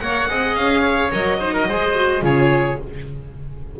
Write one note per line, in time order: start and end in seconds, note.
0.00 0.29 A#3
0.00 0.28 A#4
0.00 0.29 C#5
0.00 0.55 F#5
0.28 0.56 C4
0.28 1.11 G#4
0.28 0.81 D#5
0.55 1.12 C#4
0.55 1.11 F5
0.81 1.37 C#5
1.11 1.68 F#3
1.11 1.39 A#4
1.11 2.24 D#5
1.39 1.69 D#4
1.39 1.53 C5
1.53 1.67 A#4
1.68 2.22 G#3
1.68 1.94 G#4
1.68 2.24 C5
1.94 2.22 F#4
2.22 2.77 C#3
2.22 2.77 F4
2.22 2.79 G#4
2.22 2.80 C#5